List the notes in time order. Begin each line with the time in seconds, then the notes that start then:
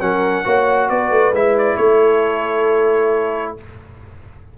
0.00 F#3 C#4 A#4 F#5
0.44 A#3 F#4 C#5
0.89 B3 B4 D5
1.10 A3
1.31 G#3 E4 E5
1.58 D5
1.77 A3 A4 C#5